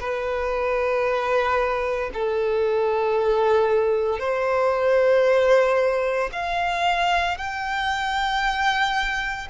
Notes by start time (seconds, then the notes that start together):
0.00 B4
2.13 A4
4.19 C5
6.32 F5
7.37 G5